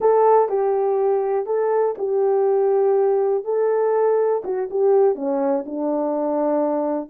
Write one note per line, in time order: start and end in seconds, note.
0.00 0.48 A4
0.48 1.46 G4
1.46 1.95 A4
1.98 3.44 G4
3.44 4.43 A4
4.44 4.69 F#4
4.70 5.15 G4
5.15 5.64 C#4
5.65 7.09 D4